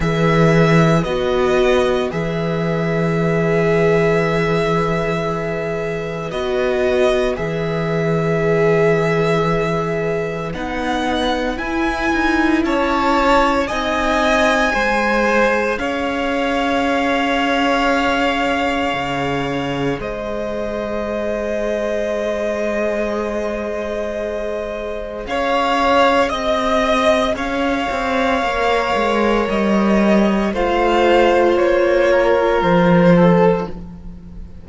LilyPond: <<
  \new Staff \with { instrumentName = "violin" } { \time 4/4 \tempo 4 = 57 e''4 dis''4 e''2~ | e''2 dis''4 e''4~ | e''2 fis''4 gis''4 | a''4 gis''2 f''4~ |
f''2. dis''4~ | dis''1 | f''4 dis''4 f''2 | dis''4 f''4 cis''4 c''4 | }
  \new Staff \with { instrumentName = "violin" } { \time 4/4 b'1~ | b'1~ | b'1 | cis''4 dis''4 c''4 cis''4~ |
cis''2. c''4~ | c''1 | cis''4 dis''4 cis''2~ | cis''4 c''4. ais'4 a'8 | }
  \new Staff \with { instrumentName = "viola" } { \time 4/4 gis'4 fis'4 gis'2~ | gis'2 fis'4 gis'4~ | gis'2 dis'4 e'4~ | e'4 dis'4 gis'2~ |
gis'1~ | gis'1~ | gis'2. ais'4~ | ais'4 f'2. | }
  \new Staff \with { instrumentName = "cello" } { \time 4/4 e4 b4 e2~ | e2 b4 e4~ | e2 b4 e'8 dis'8 | cis'4 c'4 gis4 cis'4~ |
cis'2 cis4 gis4~ | gis1 | cis'4 c'4 cis'8 c'8 ais8 gis8 | g4 a4 ais4 f4 | }
>>